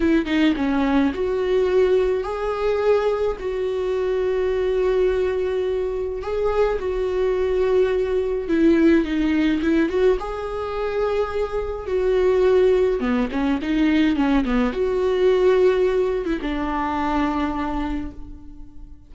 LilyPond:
\new Staff \with { instrumentName = "viola" } { \time 4/4 \tempo 4 = 106 e'8 dis'8 cis'4 fis'2 | gis'2 fis'2~ | fis'2. gis'4 | fis'2. e'4 |
dis'4 e'8 fis'8 gis'2~ | gis'4 fis'2 b8 cis'8 | dis'4 cis'8 b8 fis'2~ | fis'8. e'16 d'2. | }